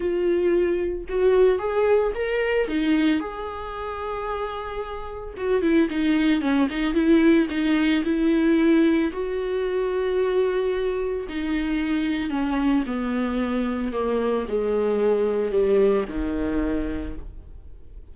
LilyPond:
\new Staff \with { instrumentName = "viola" } { \time 4/4 \tempo 4 = 112 f'2 fis'4 gis'4 | ais'4 dis'4 gis'2~ | gis'2 fis'8 e'8 dis'4 | cis'8 dis'8 e'4 dis'4 e'4~ |
e'4 fis'2.~ | fis'4 dis'2 cis'4 | b2 ais4 gis4~ | gis4 g4 dis2 | }